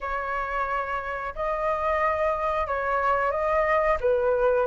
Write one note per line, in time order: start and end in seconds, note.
0.00 1.34 C#5
1.35 2.67 D#5
2.67 3.31 C#5
3.31 3.97 D#5
4.00 4.66 B4